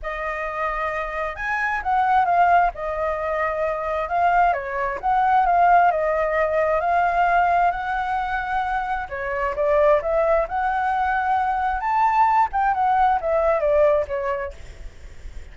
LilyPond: \new Staff \with { instrumentName = "flute" } { \time 4/4 \tempo 4 = 132 dis''2. gis''4 | fis''4 f''4 dis''2~ | dis''4 f''4 cis''4 fis''4 | f''4 dis''2 f''4~ |
f''4 fis''2. | cis''4 d''4 e''4 fis''4~ | fis''2 a''4. g''8 | fis''4 e''4 d''4 cis''4 | }